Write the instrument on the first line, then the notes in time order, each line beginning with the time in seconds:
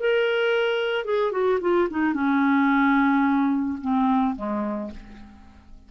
clarinet
0.00 A#4
1.05 G#4
1.32 F#4
1.61 F4
1.90 D#4
2.14 C#4
3.82 C4
4.36 G#3